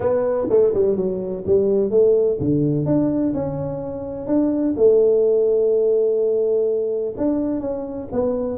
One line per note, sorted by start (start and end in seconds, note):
0.00 0.47 B3
0.49 0.73 A3
0.74 0.96 G3
0.96 1.44 F#3
1.46 1.90 G3
1.90 2.38 A3
2.40 2.85 D3
2.85 3.33 D4
3.34 4.26 C#4
4.26 4.74 D4
4.76 7.15 A3
7.17 7.60 D4
7.60 8.08 C#4
8.11 8.58 B3